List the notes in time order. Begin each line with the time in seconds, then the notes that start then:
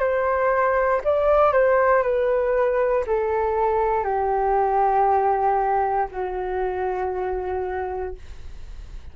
0.00 C5
1.04 D5
1.53 C5
2.03 B4
3.07 A4
4.04 G4
6.12 F#4